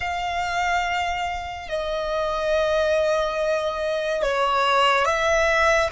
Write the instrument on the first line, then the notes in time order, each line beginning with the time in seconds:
violin
0.00 F5
1.69 D#5
4.22 C#5
5.05 E5